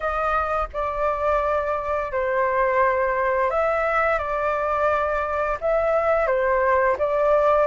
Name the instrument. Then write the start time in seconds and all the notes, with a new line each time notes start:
flute
0.00 D#5
0.73 D5
2.12 C5
3.50 E5
4.18 D5
5.60 E5
6.26 C5
6.98 D5